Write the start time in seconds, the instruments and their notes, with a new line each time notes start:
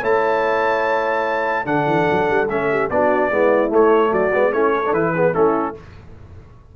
0.00 tuba A3, trombone E4, horn C#5, trumpet A5
1.65 tuba D3, trombone D4, horn A4, trumpet F#5
1.86 tuba E3
2.10 tuba F#3
2.29 tuba G3
2.48 tuba A3, trombone C#4, trumpet E5
2.71 horn G4
2.89 tuba B3, trombone D4, horn F#4, trumpet D5
3.30 tuba G#3, trombone B3, horn E4
3.68 trombone A3, tuba A3, trumpet C#5
4.09 tuba F#3, horn F#4, trumpet D5
4.33 tuba G#3, trombone B3
4.52 tuba A3, trombone C#4, horn E4, trumpet C#5
4.74 horn A4
4.86 tuba E3, trombone D4
4.93 trombone E4, trumpet B4
5.13 trombone B3, horn G#4
5.33 tuba A3, trombone C#4, horn E4, trumpet A4